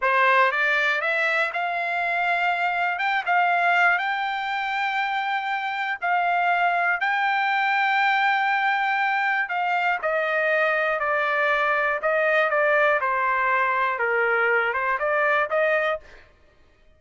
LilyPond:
\new Staff \with { instrumentName = "trumpet" } { \time 4/4 \tempo 4 = 120 c''4 d''4 e''4 f''4~ | f''2 g''8 f''4. | g''1 | f''2 g''2~ |
g''2. f''4 | dis''2 d''2 | dis''4 d''4 c''2 | ais'4. c''8 d''4 dis''4 | }